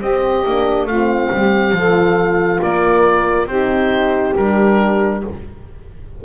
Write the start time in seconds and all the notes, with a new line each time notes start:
0.00 C4 G4 D#5
0.45 A#3 D4
0.86 A3 C4 F4 F5
1.31 G3 G4
1.72 F3 F4 A4
2.62 A#3 A#4 D5
3.46 C4 D#4 G4 C5
4.36 G3 D4 A#4